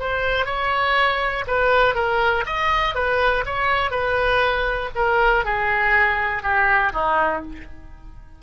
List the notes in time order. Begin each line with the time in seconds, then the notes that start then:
0.00 C5
0.46 C#5
1.47 B4
1.95 A#4
2.46 D#5
2.95 B4
3.46 C#5
3.91 B4
4.95 A#4
5.45 G#4
6.43 G4
6.93 D#4